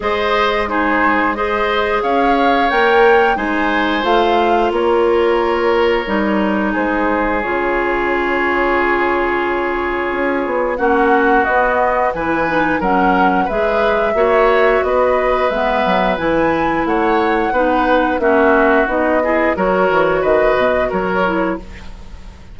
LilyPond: <<
  \new Staff \with { instrumentName = "flute" } { \time 4/4 \tempo 4 = 89 dis''4 c''4 dis''4 f''4 | g''4 gis''4 f''4 cis''4~ | cis''2 c''4 cis''4~ | cis''1 |
fis''4 dis''4 gis''4 fis''4 | e''2 dis''4 e''4 | gis''4 fis''2 e''4 | dis''4 cis''4 dis''4 cis''4 | }
  \new Staff \with { instrumentName = "oboe" } { \time 4/4 c''4 gis'4 c''4 cis''4~ | cis''4 c''2 ais'4~ | ais'2 gis'2~ | gis'1 |
fis'2 b'4 ais'4 | b'4 cis''4 b'2~ | b'4 cis''4 b'4 fis'4~ | fis'8 gis'8 ais'4 b'4 ais'4 | }
  \new Staff \with { instrumentName = "clarinet" } { \time 4/4 gis'4 dis'4 gis'2 | ais'4 dis'4 f'2~ | f'4 dis'2 f'4~ | f'1 |
cis'4 b4 e'8 dis'8 cis'4 | gis'4 fis'2 b4 | e'2 dis'4 cis'4 | dis'8 e'8 fis'2~ fis'8 e'8 | }
  \new Staff \with { instrumentName = "bassoon" } { \time 4/4 gis2. cis'4 | ais4 gis4 a4 ais4~ | ais4 g4 gis4 cis4~ | cis2. cis'8 b8 |
ais4 b4 e4 fis4 | gis4 ais4 b4 gis8 fis8 | e4 a4 b4 ais4 | b4 fis8 e8 dis8 b,8 fis4 | }
>>